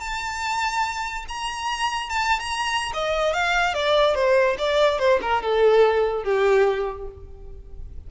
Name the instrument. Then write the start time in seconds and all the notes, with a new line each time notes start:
violin
0.00 A5
1.28 A#5
2.09 A5
2.40 A#5
2.93 D#5
3.33 F5
3.74 D5
4.15 C5
4.58 D5
4.99 C5
5.22 A#4
5.42 A4
6.23 G4